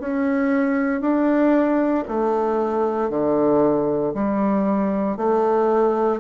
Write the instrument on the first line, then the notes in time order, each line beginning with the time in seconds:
bassoon
0.00 C#4
1.01 D4
2.08 A3
3.10 D3
4.14 G3
5.17 A3